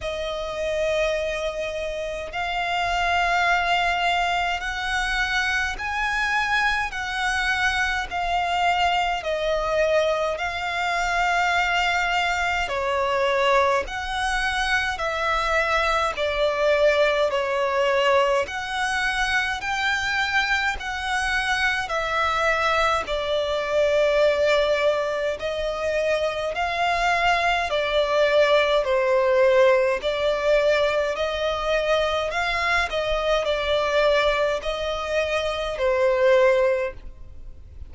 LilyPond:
\new Staff \with { instrumentName = "violin" } { \time 4/4 \tempo 4 = 52 dis''2 f''2 | fis''4 gis''4 fis''4 f''4 | dis''4 f''2 cis''4 | fis''4 e''4 d''4 cis''4 |
fis''4 g''4 fis''4 e''4 | d''2 dis''4 f''4 | d''4 c''4 d''4 dis''4 | f''8 dis''8 d''4 dis''4 c''4 | }